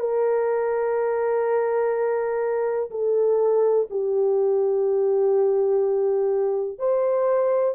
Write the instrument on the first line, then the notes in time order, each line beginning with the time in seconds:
horn
0.00 A#4
2.91 A4
3.90 G4
6.79 C5